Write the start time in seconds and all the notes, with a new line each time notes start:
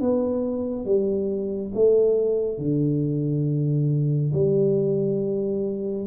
0.00 B3
0.85 G3
1.74 A3
2.58 D3
4.33 G3